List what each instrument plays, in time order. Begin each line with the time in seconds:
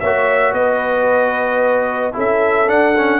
0.00 tuba A#3, trombone F#4, horn C#5, trumpet E5
0.53 tuba B3, horn B4, trumpet D#5
2.13 tuba C#4, trombone E4, horn A4
2.19 trumpet E5
2.68 trombone D4, tuba D4, trumpet F#5
2.97 trombone C#4